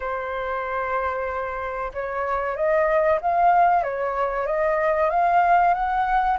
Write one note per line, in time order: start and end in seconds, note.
0.00 1.91 C5
1.93 2.55 C#5
2.55 3.19 D#5
3.21 3.83 F5
3.83 4.46 C#5
4.46 5.10 D#5
5.10 5.73 F5
5.73 6.37 F#5